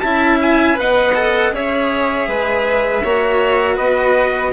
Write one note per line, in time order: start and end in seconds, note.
0.00 0.78 C#4
0.00 0.74 E4
0.00 0.78 E5
0.00 0.38 A5
0.41 0.78 G#5
0.74 1.51 B3
0.74 1.11 B4
0.74 1.54 D#5
0.74 1.54 F#5
1.15 1.52 A4
1.51 2.26 C#4
1.51 3.02 G#4
1.51 2.28 C#5
1.51 3.77 E5
2.27 3.02 G#3
2.27 3.03 B4
3.03 3.78 A#3
3.03 4.52 F#4
3.03 3.75 C#5
3.75 4.52 B3
3.75 4.50 B4
3.75 4.52 D#5